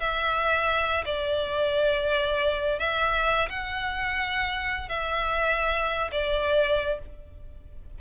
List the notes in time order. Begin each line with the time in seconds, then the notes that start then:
0.00 E5
1.06 D5
2.79 E5
3.49 F#5
4.89 E5
6.12 D5